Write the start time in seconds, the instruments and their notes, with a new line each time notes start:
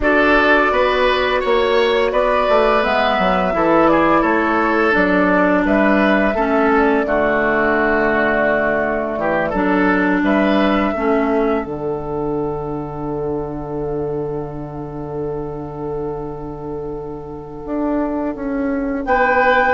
0.00 bassoon D4, clarinet F#4, oboe A4, flute D5
0.71 bassoon B3, oboe B4
1.40 bassoon A#3, oboe C#5, flute C#5
2.11 bassoon B3, oboe B4, flute D5
2.49 bassoon A3
2.82 bassoon G#3, clarinet B3, flute E5
3.18 bassoon F#3
3.53 bassoon E3, clarinet E4, oboe A4
3.87 oboe G#4, flute D5
4.21 bassoon A3, oboe A4, flute C#5
4.91 bassoon F#3, clarinet D4, flute D5
5.65 bassoon G3, oboe B4, flute E5
6.34 bassoon A3, clarinet C#4, oboe A4
6.71 flute D5
7.05 bassoon D3, clarinet A3, oboe F#4
9.17 bassoon E3, oboe G4
9.49 bassoon F#3, clarinet D4, oboe A4
10.22 bassoon G3, oboe B4, flute E5
10.93 bassoon A3, clarinet C#4, oboe A4
11.64 bassoon D3, clarinet D4, flute F#5
17.65 bassoon D4
18.35 bassoon C#4
19.04 bassoon B3, oboe B4, flute G5